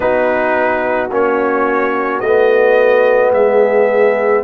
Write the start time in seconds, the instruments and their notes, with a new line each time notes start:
0.00 tuba B3, trombone D#4, horn F#4, trumpet B4
1.09 tuba A#3, trombone C#4, trumpet C#5
2.20 tuba A3, trumpet D#5
2.26 trombone B3
3.31 tuba G#3, horn G#4, trumpet E5